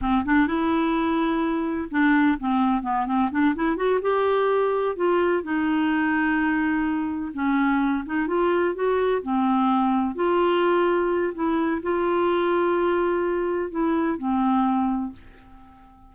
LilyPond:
\new Staff \with { instrumentName = "clarinet" } { \time 4/4 \tempo 4 = 127 c'8 d'8 e'2. | d'4 c'4 b8 c'8 d'8 e'8 | fis'8 g'2 f'4 dis'8~ | dis'2.~ dis'8 cis'8~ |
cis'4 dis'8 f'4 fis'4 c'8~ | c'4. f'2~ f'8 | e'4 f'2.~ | f'4 e'4 c'2 | }